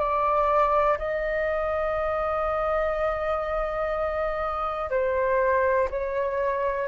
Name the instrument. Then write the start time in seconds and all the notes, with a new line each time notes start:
flute
0.00 D5
0.99 D#5
4.90 C5
5.91 C#5